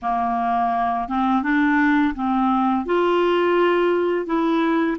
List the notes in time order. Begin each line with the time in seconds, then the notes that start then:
0.02 A#3
1.08 C4
1.42 D4
2.14 C4
2.85 F4
4.25 E4